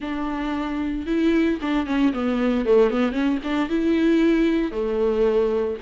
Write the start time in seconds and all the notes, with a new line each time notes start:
0.00 D4
1.06 E4
1.61 D4
1.86 C#4
2.13 B3
2.65 A3
2.90 B3
3.12 C#4
3.43 D4
3.69 E4
4.71 A3